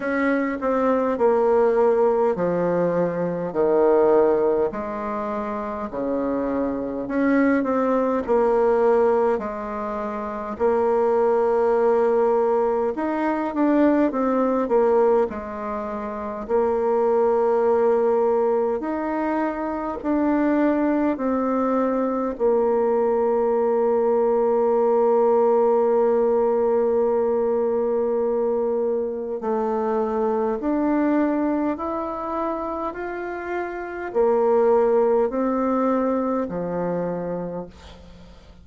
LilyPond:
\new Staff \with { instrumentName = "bassoon" } { \time 4/4 \tempo 4 = 51 cis'8 c'8 ais4 f4 dis4 | gis4 cis4 cis'8 c'8 ais4 | gis4 ais2 dis'8 d'8 | c'8 ais8 gis4 ais2 |
dis'4 d'4 c'4 ais4~ | ais1~ | ais4 a4 d'4 e'4 | f'4 ais4 c'4 f4 | }